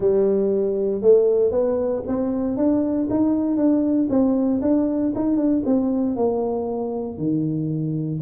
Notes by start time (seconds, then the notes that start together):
0.00 G3
1.01 A3
1.51 B3
2.07 C4
2.56 D4
3.09 D#4
3.56 D4
4.09 C4
4.61 D4
5.15 D#4
5.37 D4
5.65 C4
6.15 A#3
7.17 D#3